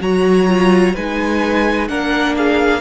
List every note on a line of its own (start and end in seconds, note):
0.00 0.94 F#3
0.00 0.47 F#4
0.00 0.95 C#5
0.00 0.96 A#5
0.48 0.95 F4
0.95 1.90 G#3
0.95 1.89 D#4
0.95 1.89 B4
0.95 1.88 G#5
1.88 2.81 A#3
1.88 2.81 D4
1.88 2.36 A#4
1.88 2.35 F#5
2.37 2.81 G#4
2.37 2.81 F5